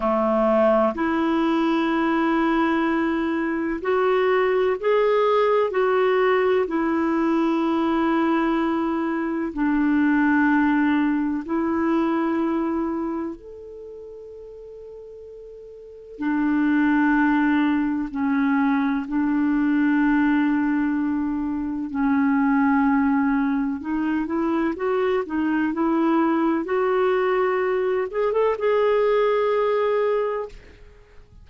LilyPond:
\new Staff \with { instrumentName = "clarinet" } { \time 4/4 \tempo 4 = 63 a4 e'2. | fis'4 gis'4 fis'4 e'4~ | e'2 d'2 | e'2 a'2~ |
a'4 d'2 cis'4 | d'2. cis'4~ | cis'4 dis'8 e'8 fis'8 dis'8 e'4 | fis'4. gis'16 a'16 gis'2 | }